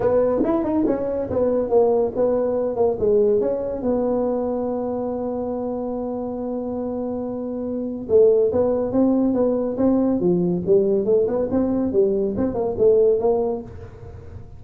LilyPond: \new Staff \with { instrumentName = "tuba" } { \time 4/4 \tempo 4 = 141 b4 e'8 dis'8 cis'4 b4 | ais4 b4. ais8 gis4 | cis'4 b2.~ | b1~ |
b2. a4 | b4 c'4 b4 c'4 | f4 g4 a8 b8 c'4 | g4 c'8 ais8 a4 ais4 | }